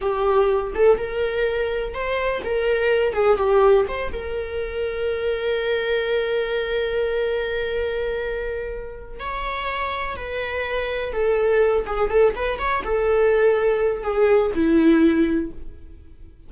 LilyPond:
\new Staff \with { instrumentName = "viola" } { \time 4/4 \tempo 4 = 124 g'4. a'8 ais'2 | c''4 ais'4. gis'8 g'4 | c''8 ais'2.~ ais'8~ | ais'1~ |
ais'2. cis''4~ | cis''4 b'2 a'4~ | a'8 gis'8 a'8 b'8 cis''8 a'4.~ | a'4 gis'4 e'2 | }